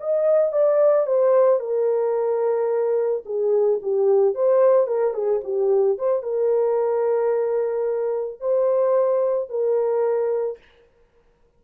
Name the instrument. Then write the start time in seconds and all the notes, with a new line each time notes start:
horn
0.00 D#5
0.53 D5
1.07 C5
1.60 A#4
3.26 G#4
3.82 G4
4.35 C5
4.87 A#4
5.14 G#4
5.44 G4
5.98 C5
6.23 A#4
8.40 C5
9.50 A#4